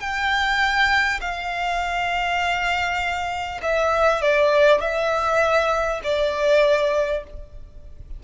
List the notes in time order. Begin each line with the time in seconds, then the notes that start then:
0.00 G5
1.21 F5
3.63 E5
4.22 D5
4.81 E5
6.04 D5